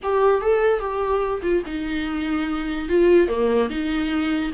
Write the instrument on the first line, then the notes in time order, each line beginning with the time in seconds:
viola
0.02 G4
0.41 A4
0.79 G4
1.42 F4
1.66 D#4
2.88 F4
3.28 A#3
3.69 D#4